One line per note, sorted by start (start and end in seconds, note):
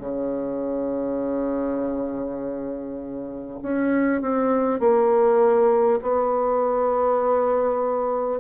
0.00 3.60 C#3
3.62 4.22 C#4
4.22 4.80 C4
4.80 6.00 A#3
6.02 8.41 B3